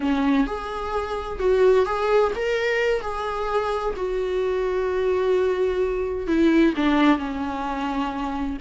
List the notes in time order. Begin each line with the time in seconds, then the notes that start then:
0.00 C#4
0.47 G#4
1.39 F#4
1.85 G#4
2.35 A#4
3.01 G#4
3.96 F#4
6.27 E4
6.76 D4
7.17 C#4